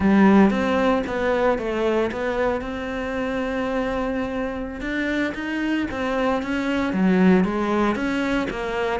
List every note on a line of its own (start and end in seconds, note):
0.00 0.50 G3
0.50 1.02 C4
1.06 1.58 B3
1.58 2.10 A3
2.11 2.61 B3
2.61 4.80 C4
4.80 5.33 D4
5.34 5.86 D#4
5.91 6.42 C4
6.42 6.92 C#4
6.92 7.44 F#3
7.44 7.95 G#3
7.95 8.47 C#4
8.49 9.00 A#3